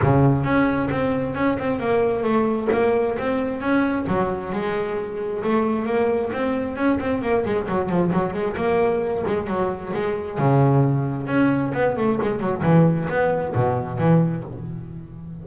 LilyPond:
\new Staff \with { instrumentName = "double bass" } { \time 4/4 \tempo 4 = 133 cis4 cis'4 c'4 cis'8 c'8 | ais4 a4 ais4 c'4 | cis'4 fis4 gis2 | a4 ais4 c'4 cis'8 c'8 |
ais8 gis8 fis8 f8 fis8 gis8 ais4~ | ais8 gis8 fis4 gis4 cis4~ | cis4 cis'4 b8 a8 gis8 fis8 | e4 b4 b,4 e4 | }